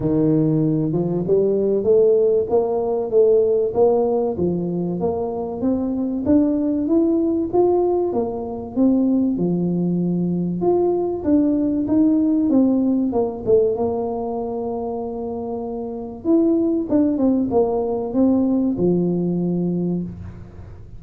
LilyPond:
\new Staff \with { instrumentName = "tuba" } { \time 4/4 \tempo 4 = 96 dis4. f8 g4 a4 | ais4 a4 ais4 f4 | ais4 c'4 d'4 e'4 | f'4 ais4 c'4 f4~ |
f4 f'4 d'4 dis'4 | c'4 ais8 a8 ais2~ | ais2 e'4 d'8 c'8 | ais4 c'4 f2 | }